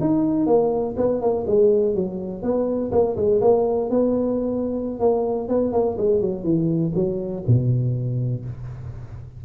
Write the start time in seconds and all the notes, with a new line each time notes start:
0.00 D#4
0.46 A#3
0.97 B3
1.21 A#3
1.47 G#3
1.94 F#3
2.42 B3
2.91 A#3
3.16 G#3
3.41 A#3
3.90 B3
5.00 A#3
5.48 B3
5.72 A#3
5.98 G#3
6.21 F#3
6.44 E3
6.95 F#3
7.47 B2